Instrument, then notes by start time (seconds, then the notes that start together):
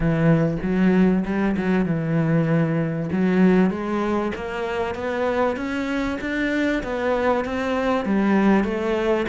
cello
0.00 E3
0.62 F#3
1.25 G3
1.56 F#3
1.85 E3
3.12 F#3
3.70 G#3
4.35 A#3
4.95 B3
5.56 C#4
6.20 D4
6.83 B3
7.45 C4
8.05 G3
8.64 A3